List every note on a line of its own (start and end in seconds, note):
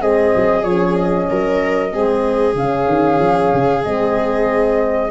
0.00 0.33 G#3
0.00 0.64 C4
0.00 1.29 G#4
0.00 0.64 D#5
0.36 0.63 F#3
0.63 1.27 F3
0.63 1.91 C#4
0.63 0.95 C#5
0.95 2.54 D#5
1.30 1.93 F#3
1.30 1.93 A#4
1.91 2.54 G#3
1.91 2.55 C4
1.91 5.11 G#4
2.54 2.86 C#3
2.54 3.84 C#4
2.54 3.84 F5
2.88 3.19 D#3
3.19 3.51 F3
3.53 3.85 C#3
3.84 5.11 G#3
3.84 5.11 C4
3.84 5.11 D#5